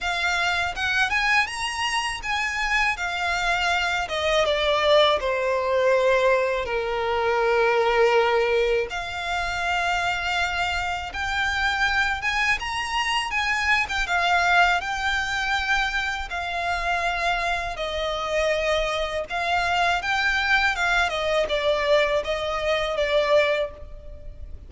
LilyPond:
\new Staff \with { instrumentName = "violin" } { \time 4/4 \tempo 4 = 81 f''4 fis''8 gis''8 ais''4 gis''4 | f''4. dis''8 d''4 c''4~ | c''4 ais'2. | f''2. g''4~ |
g''8 gis''8 ais''4 gis''8. g''16 f''4 | g''2 f''2 | dis''2 f''4 g''4 | f''8 dis''8 d''4 dis''4 d''4 | }